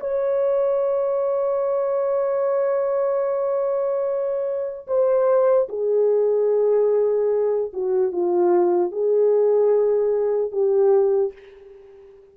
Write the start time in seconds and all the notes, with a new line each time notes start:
0.00 C#5
4.87 C5
5.69 G#4
7.73 F#4
8.12 F4
8.92 G#4
10.51 G4